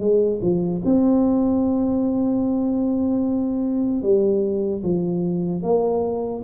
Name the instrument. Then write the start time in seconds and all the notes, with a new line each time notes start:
tuba
0.00 G#3
0.42 F3
0.85 C4
4.03 G3
4.83 F3
5.63 A#3